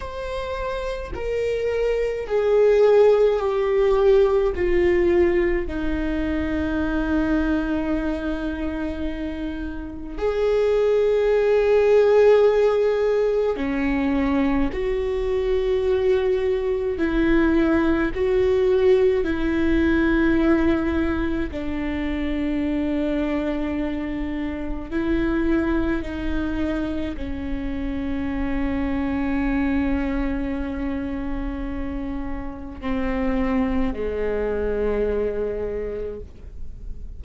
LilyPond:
\new Staff \with { instrumentName = "viola" } { \time 4/4 \tempo 4 = 53 c''4 ais'4 gis'4 g'4 | f'4 dis'2.~ | dis'4 gis'2. | cis'4 fis'2 e'4 |
fis'4 e'2 d'4~ | d'2 e'4 dis'4 | cis'1~ | cis'4 c'4 gis2 | }